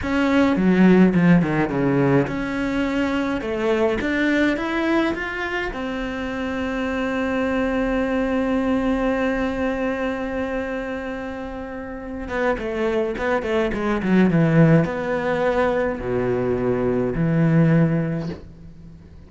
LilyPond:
\new Staff \with { instrumentName = "cello" } { \time 4/4 \tempo 4 = 105 cis'4 fis4 f8 dis8 cis4 | cis'2 a4 d'4 | e'4 f'4 c'2~ | c'1~ |
c'1~ | c'4. b8 a4 b8 a8 | gis8 fis8 e4 b2 | b,2 e2 | }